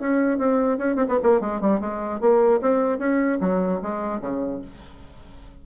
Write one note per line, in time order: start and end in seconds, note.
0.00 0.38 C#4
0.38 0.78 C4
0.78 0.96 C#4
0.96 1.06 C4
1.09 1.19 B3
1.23 1.41 A#3
1.41 1.61 G#3
1.61 1.80 G3
1.80 2.20 G#3
2.20 2.61 A#3
2.61 2.99 C4
2.99 3.39 C#4
3.41 3.81 F#3
3.82 4.21 G#3
4.21 4.61 C#3